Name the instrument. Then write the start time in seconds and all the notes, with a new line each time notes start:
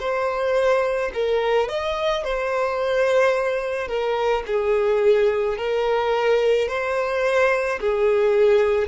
violin
0.00 C5
1.14 A#4
1.69 D#5
2.24 C5
3.88 A#4
4.47 G#4
5.58 A#4
6.68 C5
7.80 G#4